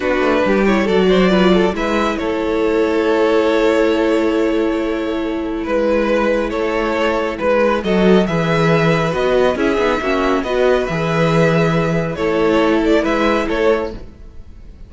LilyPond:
<<
  \new Staff \with { instrumentName = "violin" } { \time 4/4 \tempo 4 = 138 b'4. cis''8 d''2 | e''4 cis''2.~ | cis''1~ | cis''4 b'2 cis''4~ |
cis''4 b'4 dis''4 e''4~ | e''4 dis''4 e''2 | dis''4 e''2. | cis''4. d''8 e''4 cis''4 | }
  \new Staff \with { instrumentName = "violin" } { \time 4/4 fis'4 g'4 a'8 c''8 b'8 a'8 | b'4 a'2.~ | a'1~ | a'4 b'2 a'4~ |
a'4 b'4 a'4 b'4~ | b'2 gis'4 fis'4 | b'1 | a'2 b'4 a'4 | }
  \new Staff \with { instrumentName = "viola" } { \time 4/4 d'4. e'8 fis'4 f'4 | e'1~ | e'1~ | e'1~ |
e'2 fis'4 gis'4~ | gis'4 fis'4 e'8 dis'8 cis'4 | fis'4 gis'2. | e'1 | }
  \new Staff \with { instrumentName = "cello" } { \time 4/4 b8 a8 g4 fis2 | gis4 a2.~ | a1~ | a4 gis2 a4~ |
a4 gis4 fis4 e4~ | e4 b4 cis'8 b8 ais4 | b4 e2. | a2 gis4 a4 | }
>>